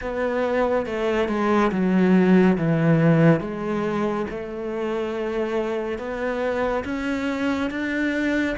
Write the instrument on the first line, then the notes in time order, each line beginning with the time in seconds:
cello
0.01 B3
0.86 A3
1.28 G#3
1.71 F#3
2.57 E3
3.40 G#3
4.29 A3
5.98 B3
6.84 C#4
7.70 D4